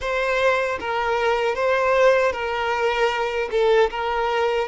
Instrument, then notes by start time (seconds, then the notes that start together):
violin
0.00 C5
0.80 A#4
1.55 C5
2.32 A#4
3.51 A4
3.90 A#4